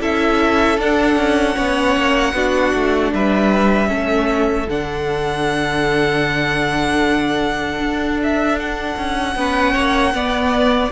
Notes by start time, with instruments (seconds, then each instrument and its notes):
0.00 cello C#4, viola E4, violin A4 E5
0.78 cello D4, viola D4, violin F#5
1.16 cello C#4
1.55 cello B3, viola C#4, violin C#5
1.96 cello A#3
2.33 cello B3, viola D4, violin F#4
2.74 cello A3
3.13 cello G3, violin B4 E5
3.87 cello A3, viola C#4, violin A4
4.67 cello D3, viola D4, violin F#5
7.79 cello D4
8.23 violin E5
8.59 violin F#5
8.96 cello C#4
9.35 cello B3, viola C#4, violin B4
9.73 cello A#3, violin C#5
10.14 viola B3, cello B3, violin D5